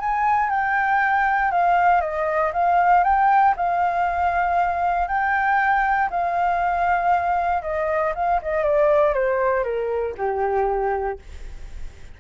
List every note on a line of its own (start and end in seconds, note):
0.00 0.50 G#5
0.50 1.52 G5
1.52 2.01 F5
2.01 2.52 D#5
2.53 3.04 F5
3.04 3.55 G5
3.57 5.08 F5
5.08 6.09 G5
6.10 7.62 F5
7.62 8.13 D#5
8.15 8.41 F5
8.42 8.63 D#5
8.63 9.14 D5
9.14 9.64 C5
9.64 10.15 A#4
10.17 11.19 G4